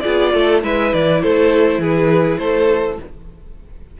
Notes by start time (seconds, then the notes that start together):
0.00 B3 F4 G#4 D5
0.33 A3 A4
0.62 G#3 E4 B4 E5
0.93 E3 D5
1.22 A3 A4 C5
1.78 E3 G#4 B4
2.38 A3 A4 C5